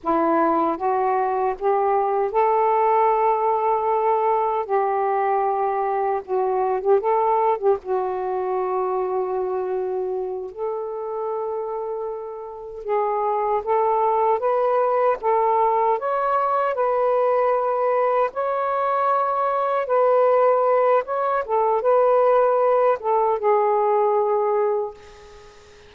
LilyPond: \new Staff \with { instrumentName = "saxophone" } { \time 4/4 \tempo 4 = 77 e'4 fis'4 g'4 a'4~ | a'2 g'2 | fis'8. g'16 a'8. g'16 fis'2~ | fis'4. a'2~ a'8~ |
a'8 gis'4 a'4 b'4 a'8~ | a'8 cis''4 b'2 cis''8~ | cis''4. b'4. cis''8 a'8 | b'4. a'8 gis'2 | }